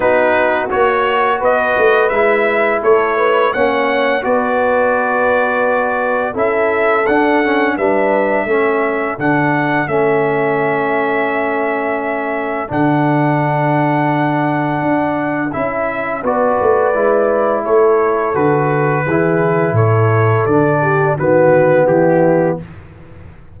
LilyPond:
<<
  \new Staff \with { instrumentName = "trumpet" } { \time 4/4 \tempo 4 = 85 b'4 cis''4 dis''4 e''4 | cis''4 fis''4 d''2~ | d''4 e''4 fis''4 e''4~ | e''4 fis''4 e''2~ |
e''2 fis''2~ | fis''2 e''4 d''4~ | d''4 cis''4 b'2 | cis''4 d''4 b'4 g'4 | }
  \new Staff \with { instrumentName = "horn" } { \time 4/4 fis'2 b'2 | a'8 b'8 cis''4 b'2~ | b'4 a'2 b'4 | a'1~ |
a'1~ | a'2. b'4~ | b'4 a'2 gis'4 | a'4. g'8 fis'4 e'4 | }
  \new Staff \with { instrumentName = "trombone" } { \time 4/4 dis'4 fis'2 e'4~ | e'4 cis'4 fis'2~ | fis'4 e'4 d'8 cis'8 d'4 | cis'4 d'4 cis'2~ |
cis'2 d'2~ | d'2 e'4 fis'4 | e'2 fis'4 e'4~ | e'4 d'4 b2 | }
  \new Staff \with { instrumentName = "tuba" } { \time 4/4 b4 ais4 b8 a8 gis4 | a4 ais4 b2~ | b4 cis'4 d'4 g4 | a4 d4 a2~ |
a2 d2~ | d4 d'4 cis'4 b8 a8 | gis4 a4 d4 e4 | a,4 d4 dis4 e4 | }
>>